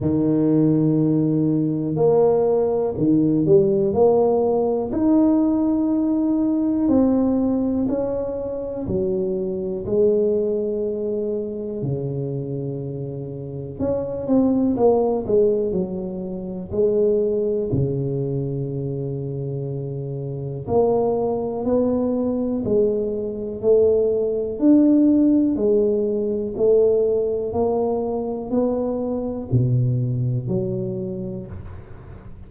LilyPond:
\new Staff \with { instrumentName = "tuba" } { \time 4/4 \tempo 4 = 61 dis2 ais4 dis8 g8 | ais4 dis'2 c'4 | cis'4 fis4 gis2 | cis2 cis'8 c'8 ais8 gis8 |
fis4 gis4 cis2~ | cis4 ais4 b4 gis4 | a4 d'4 gis4 a4 | ais4 b4 b,4 fis4 | }